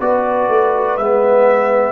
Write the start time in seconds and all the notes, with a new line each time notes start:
0.00 B3 F#4 B4 D5
0.48 A3
0.97 G#3 B3 E5